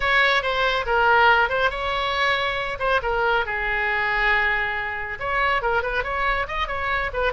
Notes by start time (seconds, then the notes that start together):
0.00 C#5
0.42 C5
0.86 A#4
1.49 C5
1.70 C#5
2.79 C5
3.02 A#4
3.45 G#4
5.19 C#5
5.62 A#4
5.82 B4
6.03 C#5
6.47 D#5
6.67 C#5
7.13 B4